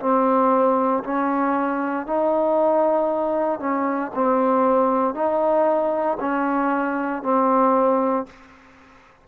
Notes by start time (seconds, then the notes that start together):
0.00 C4
1.04 C#4
2.06 D#4
3.60 C#4
4.15 C4
5.14 D#4
6.20 C#4
7.23 C4